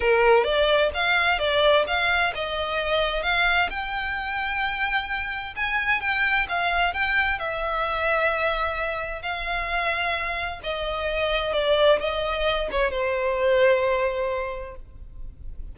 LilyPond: \new Staff \with { instrumentName = "violin" } { \time 4/4 \tempo 4 = 130 ais'4 d''4 f''4 d''4 | f''4 dis''2 f''4 | g''1 | gis''4 g''4 f''4 g''4 |
e''1 | f''2. dis''4~ | dis''4 d''4 dis''4. cis''8 | c''1 | }